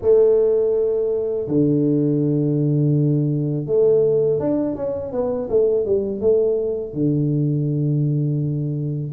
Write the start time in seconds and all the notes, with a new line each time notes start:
0.01 A3
1.47 D3
3.66 A3
4.39 D4
4.75 C#4
5.12 B3
5.49 A3
5.85 G3
6.21 A3
6.93 D3